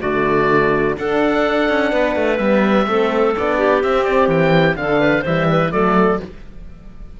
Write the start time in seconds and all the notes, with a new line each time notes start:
0.00 D3 A3 F#4 D5
0.96 D4 A4 F#5
1.69 C#4
1.91 B3 B4
2.15 A3
2.38 G3 B3 E5
2.86 A3 C4 A4
3.36 B3 D4 D5
3.57 G4
3.83 C4 E5
4.04 D5
4.27 E3 G5
4.75 D3 D4 A4 F5
5.00 B4
5.21 E3 G3 C5 E5
5.49 B4
5.71 F#3 A3 A4 D5